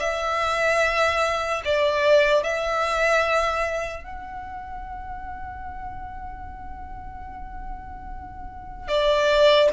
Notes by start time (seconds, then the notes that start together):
0.00 E5
1.65 D5
2.43 E5
4.04 F#5
8.88 D5